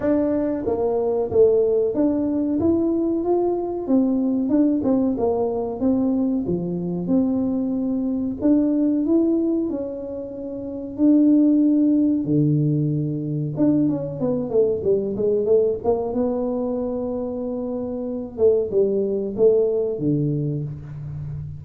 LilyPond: \new Staff \with { instrumentName = "tuba" } { \time 4/4 \tempo 4 = 93 d'4 ais4 a4 d'4 | e'4 f'4 c'4 d'8 c'8 | ais4 c'4 f4 c'4~ | c'4 d'4 e'4 cis'4~ |
cis'4 d'2 d4~ | d4 d'8 cis'8 b8 a8 g8 gis8 | a8 ais8 b2.~ | b8 a8 g4 a4 d4 | }